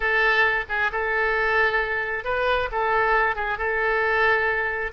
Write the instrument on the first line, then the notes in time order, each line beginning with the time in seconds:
oboe
0.00 A4
0.68 G#4
0.92 A4
2.24 B4
2.71 A4
3.35 G#4
3.57 A4